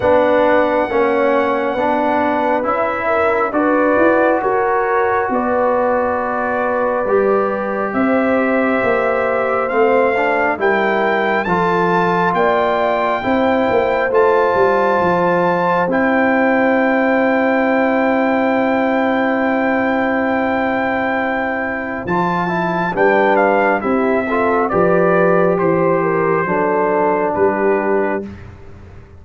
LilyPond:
<<
  \new Staff \with { instrumentName = "trumpet" } { \time 4/4 \tempo 4 = 68 fis''2. e''4 | d''4 cis''4 d''2~ | d''4 e''2 f''4 | g''4 a''4 g''2 |
a''2 g''2~ | g''1~ | g''4 a''4 g''8 f''8 e''4 | d''4 c''2 b'4 | }
  \new Staff \with { instrumentName = "horn" } { \time 4/4 b'4 cis''4 b'4. ais'8 | b'4 ais'4 b'2~ | b'4 c''2. | ais'4 a'4 d''4 c''4~ |
c''1~ | c''1~ | c''2 b'4 g'8 a'8 | b'4 c''8 ais'8 a'4 g'4 | }
  \new Staff \with { instrumentName = "trombone" } { \time 4/4 d'4 cis'4 d'4 e'4 | fis'1 | g'2. c'8 d'8 | e'4 f'2 e'4 |
f'2 e'2~ | e'1~ | e'4 f'8 e'8 d'4 e'8 f'8 | g'2 d'2 | }
  \new Staff \with { instrumentName = "tuba" } { \time 4/4 b4 ais4 b4 cis'4 | d'8 e'8 fis'4 b2 | g4 c'4 ais4 a4 | g4 f4 ais4 c'8 ais8 |
a8 g8 f4 c'2~ | c'1~ | c'4 f4 g4 c'4 | f4 e4 fis4 g4 | }
>>